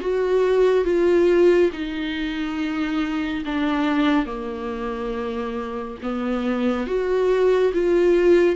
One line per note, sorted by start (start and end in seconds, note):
0.00 0.84 F#4
0.84 1.70 F4
1.72 3.43 D#4
3.45 4.25 D4
4.25 5.97 A#3
6.02 6.86 B3
6.86 7.72 F#4
7.73 8.55 F4